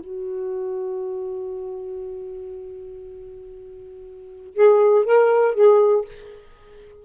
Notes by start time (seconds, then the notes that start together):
0.00 F#4
4.54 G#4
5.05 A#4
5.54 G#4